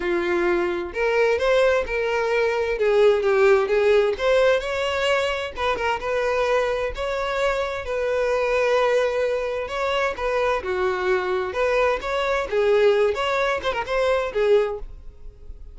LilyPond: \new Staff \with { instrumentName = "violin" } { \time 4/4 \tempo 4 = 130 f'2 ais'4 c''4 | ais'2 gis'4 g'4 | gis'4 c''4 cis''2 | b'8 ais'8 b'2 cis''4~ |
cis''4 b'2.~ | b'4 cis''4 b'4 fis'4~ | fis'4 b'4 cis''4 gis'4~ | gis'8 cis''4 c''16 ais'16 c''4 gis'4 | }